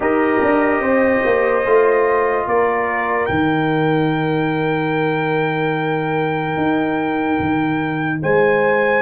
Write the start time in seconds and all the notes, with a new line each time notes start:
0.00 D#4 G4 A#4 D#5
0.42 D4
0.79 C4 C5
1.25 A#3
1.66 A3 F4
2.46 A#3 A#4 D5
3.25 D#3 D#4 G5
6.57 D#4
7.39 D#3
8.22 G#3 C5 G#5